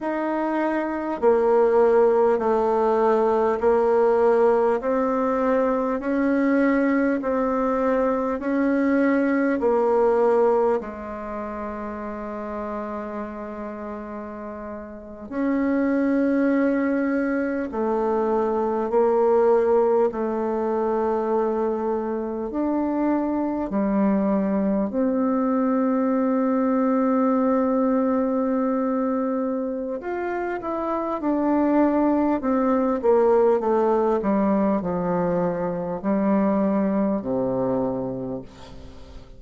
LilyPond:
\new Staff \with { instrumentName = "bassoon" } { \time 4/4 \tempo 4 = 50 dis'4 ais4 a4 ais4 | c'4 cis'4 c'4 cis'4 | ais4 gis2.~ | gis8. cis'2 a4 ais16~ |
ais8. a2 d'4 g16~ | g8. c'2.~ c'16~ | c'4 f'8 e'8 d'4 c'8 ais8 | a8 g8 f4 g4 c4 | }